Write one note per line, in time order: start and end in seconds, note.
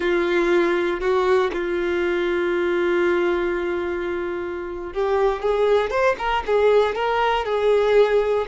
0.00 1.00 F4
1.00 1.51 F#4
1.52 4.93 F4
4.93 5.42 G4
5.42 5.90 G#4
5.90 6.15 C5
6.18 6.43 A#4
6.46 6.95 G#4
6.95 7.45 A#4
7.45 8.46 G#4